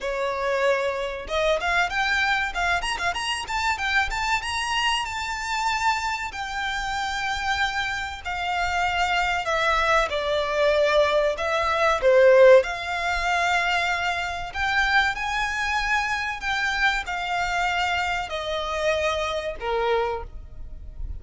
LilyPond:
\new Staff \with { instrumentName = "violin" } { \time 4/4 \tempo 4 = 95 cis''2 dis''8 f''8 g''4 | f''8 ais''16 f''16 ais''8 a''8 g''8 a''8 ais''4 | a''2 g''2~ | g''4 f''2 e''4 |
d''2 e''4 c''4 | f''2. g''4 | gis''2 g''4 f''4~ | f''4 dis''2 ais'4 | }